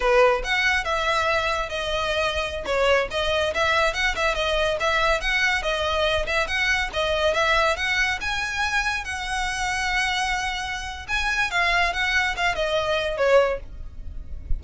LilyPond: \new Staff \with { instrumentName = "violin" } { \time 4/4 \tempo 4 = 141 b'4 fis''4 e''2 | dis''2~ dis''16 cis''4 dis''8.~ | dis''16 e''4 fis''8 e''8 dis''4 e''8.~ | e''16 fis''4 dis''4. e''8 fis''8.~ |
fis''16 dis''4 e''4 fis''4 gis''8.~ | gis''4~ gis''16 fis''2~ fis''8.~ | fis''2 gis''4 f''4 | fis''4 f''8 dis''4. cis''4 | }